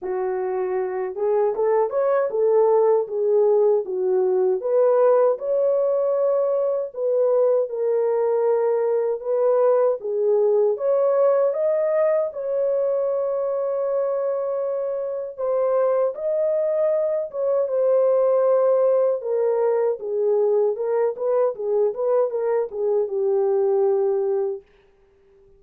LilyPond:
\new Staff \with { instrumentName = "horn" } { \time 4/4 \tempo 4 = 78 fis'4. gis'8 a'8 cis''8 a'4 | gis'4 fis'4 b'4 cis''4~ | cis''4 b'4 ais'2 | b'4 gis'4 cis''4 dis''4 |
cis''1 | c''4 dis''4. cis''8 c''4~ | c''4 ais'4 gis'4 ais'8 b'8 | gis'8 b'8 ais'8 gis'8 g'2 | }